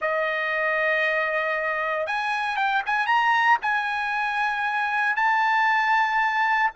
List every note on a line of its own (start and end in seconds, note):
0.01 2.06 D#5
2.06 2.56 G#5
2.56 2.82 G5
2.86 3.06 G#5
3.06 3.58 A#5
3.62 5.16 G#5
5.16 6.71 A5